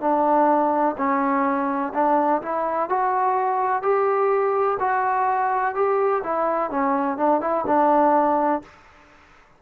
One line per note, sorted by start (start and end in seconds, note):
0.00 0.95 D4
0.97 1.93 C#4
1.94 2.42 D4
2.42 2.89 E4
2.89 3.82 F#4
3.82 4.77 G4
4.79 5.74 F#4
5.74 6.22 G4
6.23 6.70 E4
6.70 7.17 C#4
7.17 7.41 D4
7.41 7.65 E4
7.67 8.62 D4